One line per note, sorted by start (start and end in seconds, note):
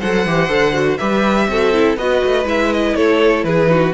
0.00 0.26 F#3
0.00 0.27 A4
0.00 0.98 C5
0.00 0.97 F#5
0.26 0.48 E3
0.26 0.49 G4
0.48 0.98 D3
0.48 0.73 A4
0.73 0.97 F#4
0.97 1.48 G3
0.97 1.49 G4
0.97 1.48 B4
0.97 1.96 E5
1.48 1.97 C4
1.48 1.73 F#4
1.48 1.98 A4
1.73 1.98 E4
1.97 2.21 B3
1.97 2.45 F#4
1.97 2.97 B4
1.97 2.47 D#5
2.24 2.44 A3
2.44 2.94 G#3
2.44 3.66 E4
2.44 2.73 E5
2.73 2.96 D#5
2.95 3.44 A3
2.95 3.46 A4
2.95 3.44 C#5
3.44 3.93 E3
3.44 3.71 G#4
3.44 3.93 B4
3.66 3.91 D#4
3.66 3.94 F#4